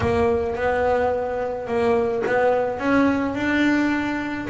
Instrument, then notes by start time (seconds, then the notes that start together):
double bass
0.00 A#3
0.55 B3
1.67 A#3
2.26 B3
2.78 C#4
3.34 D4